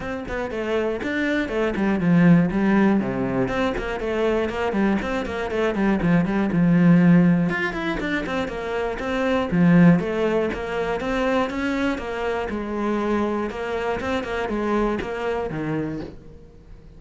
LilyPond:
\new Staff \with { instrumentName = "cello" } { \time 4/4 \tempo 4 = 120 c'8 b8 a4 d'4 a8 g8 | f4 g4 c4 c'8 ais8 | a4 ais8 g8 c'8 ais8 a8 g8 | f8 g8 f2 f'8 e'8 |
d'8 c'8 ais4 c'4 f4 | a4 ais4 c'4 cis'4 | ais4 gis2 ais4 | c'8 ais8 gis4 ais4 dis4 | }